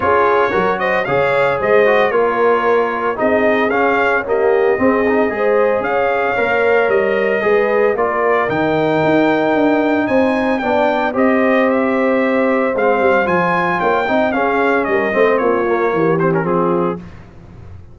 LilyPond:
<<
  \new Staff \with { instrumentName = "trumpet" } { \time 4/4 \tempo 4 = 113 cis''4. dis''8 f''4 dis''4 | cis''2 dis''4 f''4 | dis''2. f''4~ | f''4 dis''2 d''4 |
g''2. gis''4 | g''4 dis''4 e''2 | f''4 gis''4 g''4 f''4 | dis''4 cis''4. c''16 ais'16 gis'4 | }
  \new Staff \with { instrumentName = "horn" } { \time 4/4 gis'4 ais'8 c''8 cis''4 c''4 | ais'2 gis'2 | g'4 gis'4 c''4 cis''4~ | cis''2 b'4 ais'4~ |
ais'2. c''4 | d''4 c''2.~ | c''2 cis''8 dis''8 gis'4 | ais'8 c''8 f'4 g'4 f'4 | }
  \new Staff \with { instrumentName = "trombone" } { \time 4/4 f'4 fis'4 gis'4. fis'8 | f'2 dis'4 cis'4 | ais4 c'8 dis'8 gis'2 | ais'2 gis'4 f'4 |
dis'1 | d'4 g'2. | c'4 f'4. dis'8 cis'4~ | cis'8 c'4 ais4 c'16 cis'16 c'4 | }
  \new Staff \with { instrumentName = "tuba" } { \time 4/4 cis'4 fis4 cis4 gis4 | ais2 c'4 cis'4~ | cis'4 c'4 gis4 cis'4 | ais4 g4 gis4 ais4 |
dis4 dis'4 d'4 c'4 | b4 c'2. | gis8 g8 f4 ais8 c'8 cis'4 | g8 a8 ais4 e4 f4 | }
>>